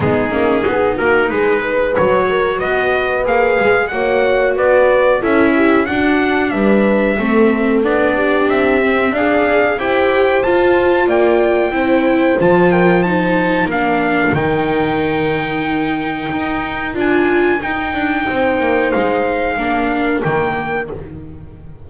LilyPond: <<
  \new Staff \with { instrumentName = "trumpet" } { \time 4/4 \tempo 4 = 92 gis'4. ais'8 b'4 cis''4 | dis''4 f''4 fis''4 d''4 | e''4 fis''4 e''2 | d''4 e''4 f''4 g''4 |
a''4 g''2 a''8 g''8 | a''4 f''4 g''2~ | g''2 gis''4 g''4~ | g''4 f''2 g''4 | }
  \new Staff \with { instrumentName = "horn" } { \time 4/4 dis'4 gis'8 fis'8 gis'8 b'4 ais'8 | b'2 cis''4 b'4 | a'8 g'8 fis'4 b'4 a'4~ | a'8 g'4. d''4 c''4~ |
c''4 d''4 c''4. ais'8 | c''4 ais'2.~ | ais'1 | c''2 ais'2 | }
  \new Staff \with { instrumentName = "viola" } { \time 4/4 b8 cis'8 dis'2 fis'4~ | fis'4 gis'4 fis'2 | e'4 d'2 c'4 | d'4. c'8 gis'4 g'4 |
f'2 e'4 f'4 | dis'4 d'4 dis'2~ | dis'2 f'4 dis'4~ | dis'2 d'4 ais4 | }
  \new Staff \with { instrumentName = "double bass" } { \time 4/4 gis8 ais8 b8 ais8 gis4 fis4 | b4 ais8 gis8 ais4 b4 | cis'4 d'4 g4 a4 | b4 c'4 d'4 e'4 |
f'4 ais4 c'4 f4~ | f4 ais4 dis2~ | dis4 dis'4 d'4 dis'8 d'8 | c'8 ais8 gis4 ais4 dis4 | }
>>